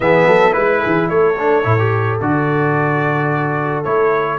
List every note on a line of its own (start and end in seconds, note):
0.00 0.26 E3
0.00 0.51 B3
0.00 0.27 G#4
0.00 0.53 E5
0.26 0.54 F#3
0.26 0.53 A4
0.51 0.83 G#3
0.51 1.34 E4
0.51 1.08 B4
0.51 0.81 B4
0.81 1.10 E3
0.81 1.08 G#4
1.09 1.64 A3
1.09 4.39 A4
1.09 2.19 C#5
1.38 1.63 D4
1.63 2.19 A2
1.63 1.77 E4
1.78 2.20 G4
2.20 3.85 D3
2.20 3.84 F#4
2.20 3.83 D5
3.83 4.39 A3
3.83 4.39 E4
3.83 4.38 C#5